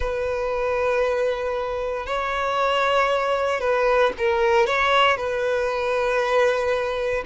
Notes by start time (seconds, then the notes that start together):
0.00 B4
2.06 C#5
3.60 B4
4.18 A#4
4.66 C#5
5.17 B4